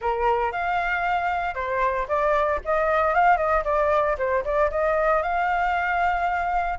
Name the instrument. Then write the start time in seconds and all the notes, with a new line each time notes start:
flute
0.01 A#4
0.52 F5
1.54 C5
2.08 D5
2.64 D#5
3.14 F5
3.37 D#5
3.64 D5
4.18 C5
4.44 D5
4.71 D#5
5.22 F5